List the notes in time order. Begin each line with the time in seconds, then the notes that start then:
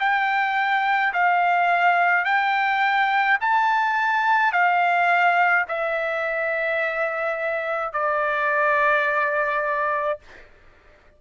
0.00 G5
1.14 F5
2.25 G5
3.41 A5
4.53 F5
5.69 E5
7.93 D5